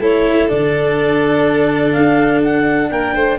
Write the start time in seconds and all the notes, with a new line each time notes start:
0.00 A3 E4 A4 C#5
0.49 D3 D4 D5
1.93 D4 F5
2.44 F#5
2.90 A#3 A#4 G5
3.15 A3 C5